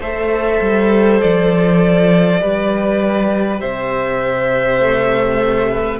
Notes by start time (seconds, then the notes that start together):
0.00 A3 A4 C5 E5
0.61 G3
1.21 F3 D5
2.41 G3 G4 B4
3.61 C3 C5 E5
4.80 A3
5.71 B4